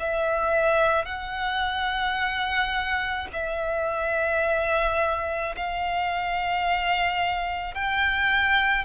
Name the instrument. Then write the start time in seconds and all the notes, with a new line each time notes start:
violin
0.00 E5
1.06 F#5
3.33 E5
5.57 F5
7.74 G5